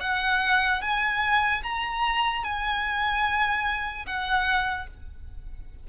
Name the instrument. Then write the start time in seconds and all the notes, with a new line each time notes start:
violin
0.00 F#5
0.81 G#5
1.63 A#5
2.44 G#5
4.06 F#5